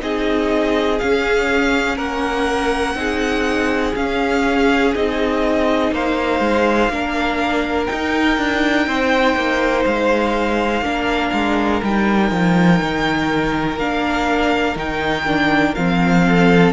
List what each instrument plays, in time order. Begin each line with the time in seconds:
0.00 cello C4, viola D#4, violin G#4 D#5
0.99 viola C#4, cello C#4, violin F5
1.97 cello A#3, violin A#4 F#5
2.95 cello C4, viola D#4, violin G#4
3.96 cello C#4, viola C#4, violin F5
4.95 cello C4, viola D#4, violin D#5
5.92 cello A#3, violin C5 F5
6.40 cello G#3
6.89 cello A#3, viola D4, violin A#4
7.86 viola D#4, cello D#4, violin G5
8.38 cello D4
8.87 cello C4, violin C5
9.36 cello A#3
9.86 cello G#3, violin F5
10.82 cello A#3, viola D4, violin A#4
11.33 cello G#3
11.83 cello G3, viola D#4, violin G5
12.31 cello F3
12.82 cello D#3
13.78 cello A#3, viola D4, violin F5
14.76 cello D#3, viola D#4, violin G5
15.27 viola D4
15.75 cello F3, viola C4, violin F5
16.26 violin A4